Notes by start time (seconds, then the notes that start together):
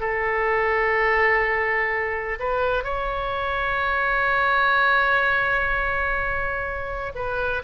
0.00 A4
2.39 B4
2.84 C#5
7.14 B4